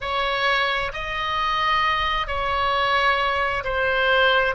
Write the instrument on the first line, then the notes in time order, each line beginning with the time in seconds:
oboe
0.00 C#5
0.93 D#5
2.27 C#5
3.64 C5